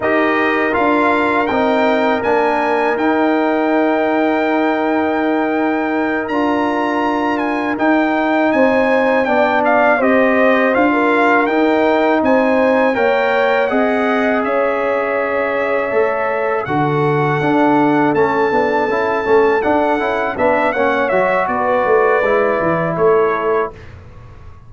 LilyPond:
<<
  \new Staff \with { instrumentName = "trumpet" } { \time 4/4 \tempo 4 = 81 dis''4 f''4 g''4 gis''4 | g''1~ | g''8 ais''4. gis''8 g''4 gis''8~ | gis''8 g''8 f''8 dis''4 f''4 g''8~ |
g''8 gis''4 g''4 fis''4 e''8~ | e''2~ e''8 fis''4.~ | fis''8 a''2 fis''4 e''8 | fis''8 e''8 d''2 cis''4 | }
  \new Staff \with { instrumentName = "horn" } { \time 4/4 ais'1~ | ais'1~ | ais'2.~ ais'8 c''8~ | c''8 d''4 c''4~ c''16 ais'4~ ais'16~ |
ais'8 c''4 cis''4 dis''4 cis''8~ | cis''2~ cis''8 a'4.~ | a'2.~ a'8 b'8 | cis''4 b'2 a'4 | }
  \new Staff \with { instrumentName = "trombone" } { \time 4/4 g'4 f'4 dis'4 d'4 | dis'1~ | dis'8 f'2 dis'4.~ | dis'8 d'4 g'4 f'4 dis'8~ |
dis'4. ais'4 gis'4.~ | gis'4. a'4 fis'4 d'8~ | d'8 cis'8 d'8 e'8 cis'8 d'8 e'8 d'8 | cis'8 fis'4. e'2 | }
  \new Staff \with { instrumentName = "tuba" } { \time 4/4 dis'4 d'4 c'4 ais4 | dis'1~ | dis'8 d'2 dis'4 c'8~ | c'8 b4 c'4 d'4 dis'8~ |
dis'8 c'4 ais4 c'4 cis'8~ | cis'4. a4 d4 d'8~ | d'8 a8 b8 cis'8 a8 d'8 cis'8 b8 | ais8 fis8 b8 a8 gis8 e8 a4 | }
>>